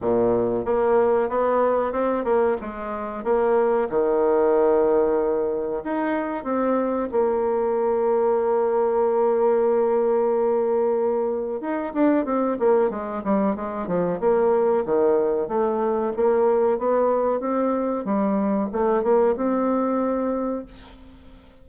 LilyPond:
\new Staff \with { instrumentName = "bassoon" } { \time 4/4 \tempo 4 = 93 ais,4 ais4 b4 c'8 ais8 | gis4 ais4 dis2~ | dis4 dis'4 c'4 ais4~ | ais1~ |
ais2 dis'8 d'8 c'8 ais8 | gis8 g8 gis8 f8 ais4 dis4 | a4 ais4 b4 c'4 | g4 a8 ais8 c'2 | }